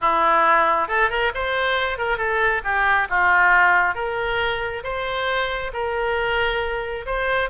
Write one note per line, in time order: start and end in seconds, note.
0.01 0.87 E4
0.87 1.09 A4
1.09 1.32 A#4
1.34 1.98 C5
1.98 2.17 A#4
2.17 2.61 A4
2.64 3.08 G4
3.09 3.94 F4
3.94 4.83 A#4
4.83 5.71 C5
5.73 7.05 A#4
7.06 7.49 C5